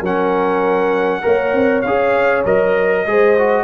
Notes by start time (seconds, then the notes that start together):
0.00 F#3 C#4 A#4 F#5
1.22 A#3 A#4 C#5
1.53 C4
1.82 C#4 G#4 F5
2.45 F#3 A#4 D#5
3.06 G#3 G#4 C5
3.39 F#4